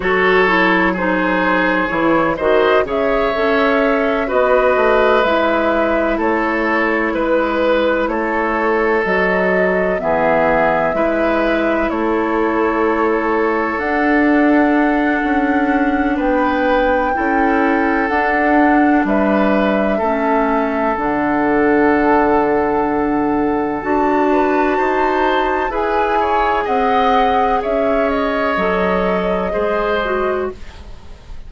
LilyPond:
<<
  \new Staff \with { instrumentName = "flute" } { \time 4/4 \tempo 4 = 63 cis''4 c''4 cis''8 dis''8 e''4~ | e''8 dis''4 e''4 cis''4 b'8~ | b'8 cis''4 dis''4 e''4.~ | e''8 cis''2 fis''4.~ |
fis''4 g''2 fis''4 | e''2 fis''2~ | fis''4 a''2 gis''4 | fis''4 e''8 dis''2~ dis''8 | }
  \new Staff \with { instrumentName = "oboe" } { \time 4/4 a'4 gis'4. c''8 cis''4~ | cis''8 b'2 a'4 b'8~ | b'8 a'2 gis'4 b'8~ | b'8 a'2.~ a'8~ |
a'4 b'4 a'2 | b'4 a'2.~ | a'4. b'8 c''4 b'8 cis''8 | dis''4 cis''2 c''4 | }
  \new Staff \with { instrumentName = "clarinet" } { \time 4/4 fis'8 e'8 dis'4 e'8 fis'8 gis'8 a'8~ | a'8 fis'4 e'2~ e'8~ | e'4. fis'4 b4 e'8~ | e'2~ e'8 d'4.~ |
d'2 e'4 d'4~ | d'4 cis'4 d'2~ | d'4 fis'2 gis'4~ | gis'2 a'4 gis'8 fis'8 | }
  \new Staff \with { instrumentName = "bassoon" } { \time 4/4 fis2 e8 dis8 cis8 cis'8~ | cis'8 b8 a8 gis4 a4 gis8~ | gis8 a4 fis4 e4 gis8~ | gis8 a2 d'4. |
cis'4 b4 cis'4 d'4 | g4 a4 d2~ | d4 d'4 dis'4 e'4 | c'4 cis'4 fis4 gis4 | }
>>